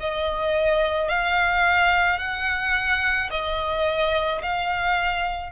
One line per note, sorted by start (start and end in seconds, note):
0.00 1.09 D#5
1.09 2.19 F5
2.19 3.30 F#5
3.30 4.41 D#5
4.42 5.52 F5